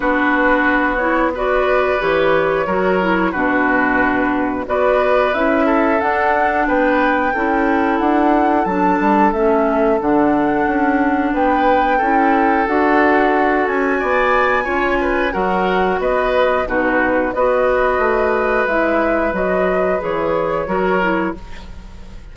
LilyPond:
<<
  \new Staff \with { instrumentName = "flute" } { \time 4/4 \tempo 4 = 90 b'4. cis''8 d''4 cis''4~ | cis''4 b'2 d''4 | e''4 fis''4 g''2 | fis''4 a''4 e''4 fis''4~ |
fis''4 g''2 fis''4~ | fis''8 gis''2~ gis''8 fis''4 | dis''4 b'4 dis''2 | e''4 dis''4 cis''2 | }
  \new Staff \with { instrumentName = "oboe" } { \time 4/4 fis'2 b'2 | ais'4 fis'2 b'4~ | b'8 a'4. b'4 a'4~ | a'1~ |
a'4 b'4 a'2~ | a'4 d''4 cis''8 b'8 ais'4 | b'4 fis'4 b'2~ | b'2. ais'4 | }
  \new Staff \with { instrumentName = "clarinet" } { \time 4/4 d'4. e'8 fis'4 g'4 | fis'8 e'8 d'2 fis'4 | e'4 d'2 e'4~ | e'4 d'4 cis'4 d'4~ |
d'2 e'4 fis'4~ | fis'2 f'4 fis'4~ | fis'4 dis'4 fis'2 | e'4 fis'4 gis'4 fis'8 e'8 | }
  \new Staff \with { instrumentName = "bassoon" } { \time 4/4 b2. e4 | fis4 b,2 b4 | cis'4 d'4 b4 cis'4 | d'4 fis8 g8 a4 d4 |
cis'4 b4 cis'4 d'4~ | d'8 cis'8 b4 cis'4 fis4 | b4 b,4 b4 a4 | gis4 fis4 e4 fis4 | }
>>